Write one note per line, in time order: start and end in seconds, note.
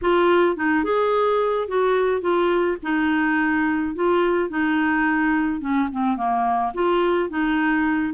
0.01 0.56 F4
0.56 0.84 D#4
0.84 1.68 G#4
1.68 2.21 F#4
2.21 2.77 F4
2.83 3.95 D#4
3.95 4.49 F4
4.49 5.60 D#4
5.60 5.88 C#4
5.92 6.16 C4
6.16 6.72 A#3
6.74 7.29 F4
7.29 8.13 D#4